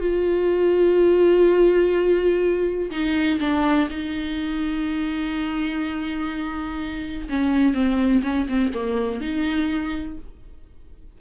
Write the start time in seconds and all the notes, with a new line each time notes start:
0.00 F4
2.91 D#4
3.40 D4
3.90 D#4
7.29 C#4
7.74 C4
8.23 C#4
8.49 C4
8.73 A#3
9.21 D#4